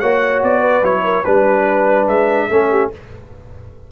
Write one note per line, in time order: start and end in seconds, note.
0.00 0.43 A#3
0.00 0.83 F#4
0.00 0.61 C#5
0.00 0.42 F#5
0.43 0.83 B3
0.43 0.85 D5
0.61 1.02 B4
0.83 1.25 F#3
0.83 1.25 E4
0.83 1.25 C#5
1.04 1.24 A#4
1.24 2.08 G3
1.24 2.51 D4
1.24 2.49 B4
1.24 2.08 B4
2.08 2.50 G#3
2.08 2.92 E5
2.50 2.92 A3
2.50 2.92 C#4
2.50 2.71 A4
2.71 2.92 G4